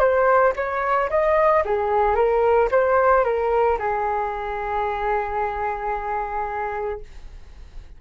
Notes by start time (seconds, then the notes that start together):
0.00 C5
0.56 C#5
1.10 D#5
1.66 G#4
2.16 A#4
2.72 C5
3.25 A#4
3.79 G#4